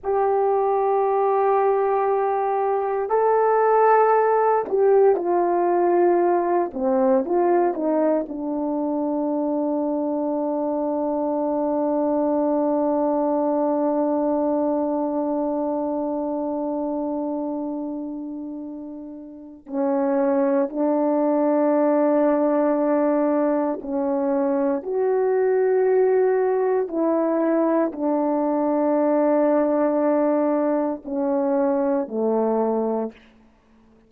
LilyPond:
\new Staff \with { instrumentName = "horn" } { \time 4/4 \tempo 4 = 58 g'2. a'4~ | a'8 g'8 f'4. c'8 f'8 dis'8 | d'1~ | d'1~ |
d'2. cis'4 | d'2. cis'4 | fis'2 e'4 d'4~ | d'2 cis'4 a4 | }